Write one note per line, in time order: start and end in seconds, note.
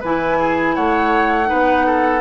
0.00 0.77 E3
0.00 1.45 E4
0.00 0.37 B4
0.00 0.75 G#5
0.40 0.75 G#4
0.75 1.51 A3
0.75 1.49 C#5
0.75 2.21 F#5
1.45 2.19 D#4
1.45 1.86 B4
1.52 2.21 B3
1.86 2.21 A4